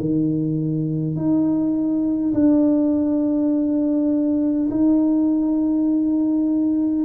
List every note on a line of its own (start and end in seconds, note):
0.00 1.16 D#3
1.16 2.33 D#4
2.34 4.69 D4
4.71 7.05 D#4